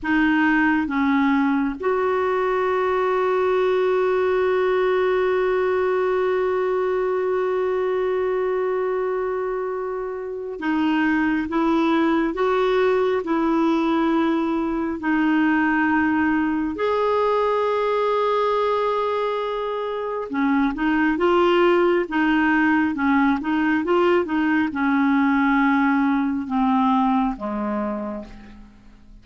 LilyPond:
\new Staff \with { instrumentName = "clarinet" } { \time 4/4 \tempo 4 = 68 dis'4 cis'4 fis'2~ | fis'1~ | fis'1 | dis'4 e'4 fis'4 e'4~ |
e'4 dis'2 gis'4~ | gis'2. cis'8 dis'8 | f'4 dis'4 cis'8 dis'8 f'8 dis'8 | cis'2 c'4 gis4 | }